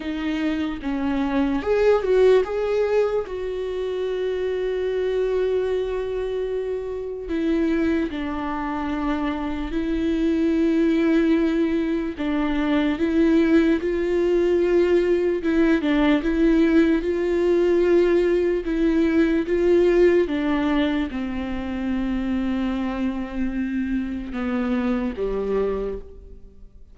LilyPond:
\new Staff \with { instrumentName = "viola" } { \time 4/4 \tempo 4 = 74 dis'4 cis'4 gis'8 fis'8 gis'4 | fis'1~ | fis'4 e'4 d'2 | e'2. d'4 |
e'4 f'2 e'8 d'8 | e'4 f'2 e'4 | f'4 d'4 c'2~ | c'2 b4 g4 | }